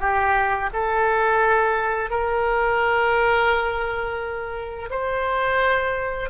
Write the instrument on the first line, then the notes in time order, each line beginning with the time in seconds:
oboe
0.00 G4
0.73 A4
2.11 A#4
4.90 C5